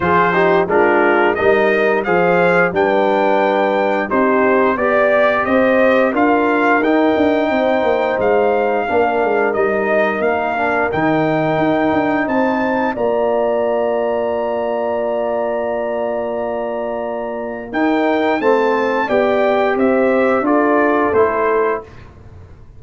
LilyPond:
<<
  \new Staff \with { instrumentName = "trumpet" } { \time 4/4 \tempo 4 = 88 c''4 ais'4 dis''4 f''4 | g''2 c''4 d''4 | dis''4 f''4 g''2 | f''2 dis''4 f''4 |
g''2 a''4 ais''4~ | ais''1~ | ais''2 g''4 a''4 | g''4 e''4 d''4 c''4 | }
  \new Staff \with { instrumentName = "horn" } { \time 4/4 gis'8 g'8 f'4 ais'4 c''4 | b'2 g'4 d''4 | c''4 ais'2 c''4~ | c''4 ais'2.~ |
ais'2 c''4 d''4~ | d''1~ | d''2 ais'4 c''4 | d''4 c''4 a'2 | }
  \new Staff \with { instrumentName = "trombone" } { \time 4/4 f'8 dis'8 d'4 dis'4 gis'4 | d'2 dis'4 g'4~ | g'4 f'4 dis'2~ | dis'4 d'4 dis'4. d'8 |
dis'2. f'4~ | f'1~ | f'2 dis'4 c'4 | g'2 f'4 e'4 | }
  \new Staff \with { instrumentName = "tuba" } { \time 4/4 f4 gis4 g4 f4 | g2 c'4 b4 | c'4 d'4 dis'8 d'8 c'8 ais8 | gis4 ais8 gis8 g4 ais4 |
dis4 dis'8 d'8 c'4 ais4~ | ais1~ | ais2 dis'4 a4 | b4 c'4 d'4 a4 | }
>>